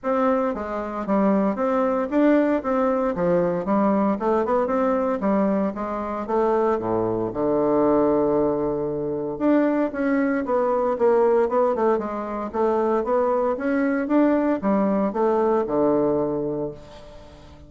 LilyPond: \new Staff \with { instrumentName = "bassoon" } { \time 4/4 \tempo 4 = 115 c'4 gis4 g4 c'4 | d'4 c'4 f4 g4 | a8 b8 c'4 g4 gis4 | a4 a,4 d2~ |
d2 d'4 cis'4 | b4 ais4 b8 a8 gis4 | a4 b4 cis'4 d'4 | g4 a4 d2 | }